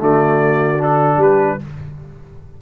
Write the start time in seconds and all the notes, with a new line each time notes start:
0.00 D3 A3 F#4 D5
0.79 D4 A4
1.17 G3 G4 B4